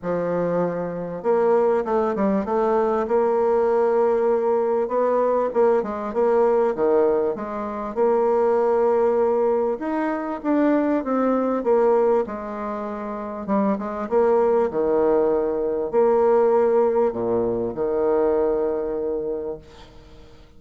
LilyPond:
\new Staff \with { instrumentName = "bassoon" } { \time 4/4 \tempo 4 = 98 f2 ais4 a8 g8 | a4 ais2. | b4 ais8 gis8 ais4 dis4 | gis4 ais2. |
dis'4 d'4 c'4 ais4 | gis2 g8 gis8 ais4 | dis2 ais2 | ais,4 dis2. | }